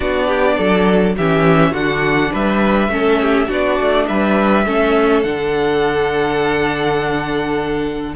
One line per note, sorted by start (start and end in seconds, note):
0.00 0.58 B3
0.00 1.17 D4
0.00 0.27 F#4
0.00 1.15 D5
0.27 0.56 G4
0.57 1.17 F#3
0.57 1.15 A4
1.16 1.72 E3
1.16 1.74 C#4
1.16 1.71 G4
1.16 1.74 E5
1.71 2.30 D3
1.71 2.90 D4
1.71 2.29 F#4
1.71 2.32 F#5
2.32 2.88 G3
2.32 2.90 B4
2.32 3.51 E5
2.88 3.46 A3
2.88 3.47 C#4
2.88 3.21 A4
3.21 3.47 G4
3.47 3.79 B3
3.47 4.64 D4
3.47 4.06 F#4
3.47 4.07 D5
3.80 4.08 A3
4.07 4.66 G3
4.07 4.65 B4
4.07 5.22 E5
4.65 5.24 A3
4.65 5.24 C#4
4.65 8.15 A4
5.22 8.15 D3
5.22 8.16 D4
5.22 8.13 F#5